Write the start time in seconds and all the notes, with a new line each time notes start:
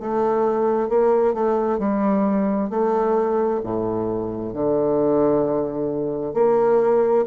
0.00 A3
0.89 A#3
1.34 A3
1.79 G3
2.70 A3
3.63 A2
4.53 D3
6.34 A#3